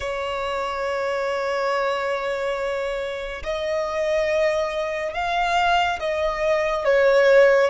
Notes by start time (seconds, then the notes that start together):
0.00 C#5
3.43 D#5
5.13 F5
5.99 D#5
6.85 C#5